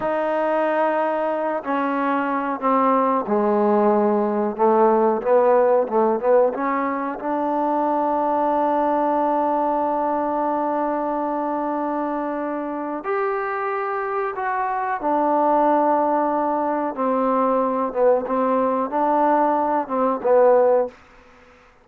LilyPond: \new Staff \with { instrumentName = "trombone" } { \time 4/4 \tempo 4 = 92 dis'2~ dis'8 cis'4. | c'4 gis2 a4 | b4 a8 b8 cis'4 d'4~ | d'1~ |
d'1 | g'2 fis'4 d'4~ | d'2 c'4. b8 | c'4 d'4. c'8 b4 | }